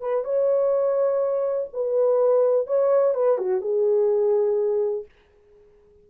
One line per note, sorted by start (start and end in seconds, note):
0.00 0.24 B4
0.24 1.68 C#5
1.73 2.66 B4
2.66 3.14 C#5
3.14 3.38 B4
3.38 3.61 F#4
3.61 5.05 G#4